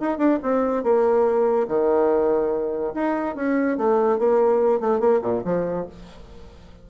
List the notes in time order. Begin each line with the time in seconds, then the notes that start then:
0.00 D#4
0.18 D4
0.43 C4
0.84 A#3
1.68 D#3
2.94 D#4
3.35 C#4
3.78 A3
4.19 A#3
4.80 A3
5.00 A#3
5.22 A#2
5.45 F3